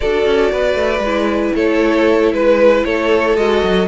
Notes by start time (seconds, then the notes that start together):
0.00 D4 F#4 A4 D5
0.25 C#4
0.52 B3 B4
0.74 A3
0.99 G#3 E4
1.55 A3 A4 C#5
2.32 G#3 B4
2.84 A3 A4 C#5
3.36 G#3 F#4 D#5
3.63 F#3